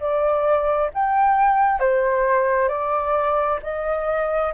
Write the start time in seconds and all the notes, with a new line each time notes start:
0.00 D5
0.94 G5
1.80 C5
2.69 D5
3.63 D#5